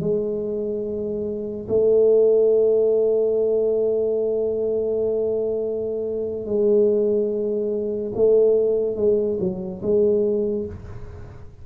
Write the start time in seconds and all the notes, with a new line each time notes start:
0.00 G#3
1.68 A3
6.45 G#3
8.15 A3
8.95 G#3
9.39 F#3
9.82 G#3